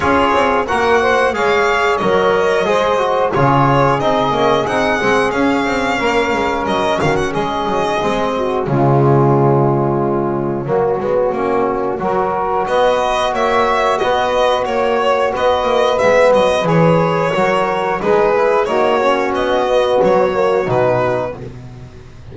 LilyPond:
<<
  \new Staff \with { instrumentName = "violin" } { \time 4/4 \tempo 4 = 90 cis''4 fis''4 f''4 dis''4~ | dis''4 cis''4 dis''4 fis''4 | f''2 dis''8 f''16 fis''16 dis''4~ | dis''4 cis''2.~ |
cis''2. dis''4 | e''4 dis''4 cis''4 dis''4 | e''8 dis''8 cis''2 b'4 | cis''4 dis''4 cis''4 b'4 | }
  \new Staff \with { instrumentName = "saxophone" } { \time 4/4 gis'4 ais'8 c''8 cis''2 | c''4 gis'2.~ | gis'4 ais'4. fis'8 gis'4~ | gis'8 fis'8 f'2. |
fis'2 ais'4 b'4 | cis''4 b'4 cis''4 b'4~ | b'2 ais'4 gis'4 | fis'1 | }
  \new Staff \with { instrumentName = "trombone" } { \time 4/4 f'4 fis'4 gis'4 ais'4 | gis'8 fis'8 f'4 dis'8 cis'8 dis'8 c'8 | cis'1 | c'4 gis2. |
ais8 b8 cis'4 fis'2~ | fis'1 | b4 gis'4 fis'4 dis'8 e'8 | dis'8 cis'4 b4 ais8 dis'4 | }
  \new Staff \with { instrumentName = "double bass" } { \time 4/4 cis'8 c'8 ais4 gis4 fis4 | gis4 cis4 c'8 ais8 c'8 gis8 | cis'8 c'8 ais8 gis8 fis8 dis8 gis8 fis8 | gis4 cis2. |
fis8 gis8 ais4 fis4 b4 | ais4 b4 ais4 b8 ais8 | gis8 fis8 e4 fis4 gis4 | ais4 b4 fis4 b,4 | }
>>